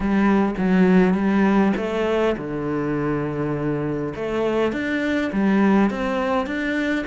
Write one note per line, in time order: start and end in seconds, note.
0.00 0.55 G3
0.57 1.14 F#3
1.14 1.72 G3
1.76 2.35 A3
2.37 4.13 D3
4.15 4.72 A3
4.72 5.31 D4
5.32 5.90 G3
5.90 6.46 C4
6.46 7.05 D4